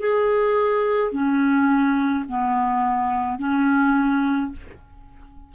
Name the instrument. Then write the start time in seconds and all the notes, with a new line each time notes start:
clarinet
0.00 G#4
1.12 C#4
2.28 B3
3.39 C#4